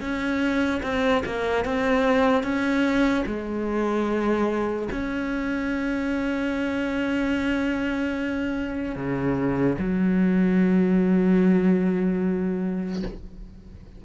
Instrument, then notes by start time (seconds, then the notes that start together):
cello
0.00 C#4
0.82 C4
1.25 A#3
1.64 C4
2.43 C#4
3.26 G#3
4.91 C#4
8.95 C#3
9.78 F#3